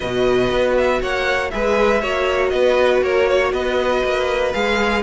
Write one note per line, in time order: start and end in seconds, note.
0.00 0.51 B2
0.00 1.50 F#4
0.00 1.00 B4
0.00 0.75 D#5
0.51 1.01 B3
0.76 1.02 E5
1.00 1.52 A#3
1.00 1.51 C#5
1.00 1.50 F#5
1.50 2.03 G#3
1.50 2.01 G#4
1.50 2.01 B4
1.50 2.49 E5
2.01 2.52 A#3
2.01 4.53 F#4
2.01 2.51 C#5
2.49 3.02 B3
2.49 3.03 B4
2.49 2.99 D#5
3.02 3.52 A#3
3.02 3.29 A#4
3.02 3.53 C#5
3.29 3.52 C#5
3.52 4.02 B3
3.52 5.02 B4
3.52 4.53 D#5
4.03 4.53 A#3
4.53 5.02 G#3
4.53 5.02 G#4
4.53 5.02 F5